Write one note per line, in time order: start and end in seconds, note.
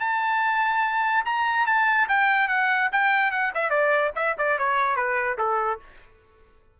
0.00 1.24 A5
1.25 1.66 A#5
1.66 2.07 A5
2.08 2.48 G5
2.48 2.89 F#5
2.92 3.31 G5
3.31 3.52 F#5
3.54 3.70 E5
3.70 4.11 D5
4.15 4.36 E5
4.38 4.58 D5
4.58 4.96 C#5
4.96 5.37 B4
5.38 5.79 A4